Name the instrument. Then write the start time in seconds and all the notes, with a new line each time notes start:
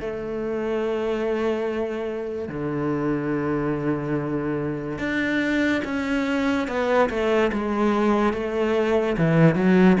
cello
0.00 A3
2.48 D3
4.98 D4
5.84 C#4
6.67 B3
7.09 A3
7.52 G#3
8.33 A3
9.17 E3
9.55 F#3